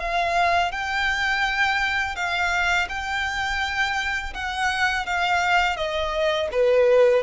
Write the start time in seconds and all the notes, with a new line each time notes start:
0.00 F5
0.72 G5
2.16 F5
2.89 G5
4.34 F#5
5.06 F5
5.77 D#5
6.52 B4